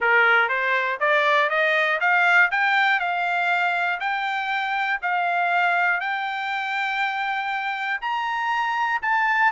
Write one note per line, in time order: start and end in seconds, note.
0.00 0.49 A#4
0.49 0.99 C5
1.00 1.49 D5
1.49 1.99 D#5
2.00 2.50 F5
2.51 2.99 G5
2.99 3.99 F5
4.00 5.00 G5
5.01 6.00 F5
6.00 8.00 G5
8.01 9.01 A#5
9.01 9.51 A5